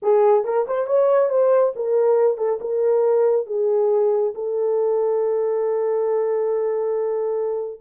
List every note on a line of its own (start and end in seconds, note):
0.02 0.44 G#4
0.44 0.66 A#4
0.67 0.87 C5
0.87 1.29 C#5
1.29 1.73 C5
1.75 2.37 A#4
2.37 2.59 A4
2.60 3.46 A#4
3.46 4.33 G#4
4.34 7.80 A4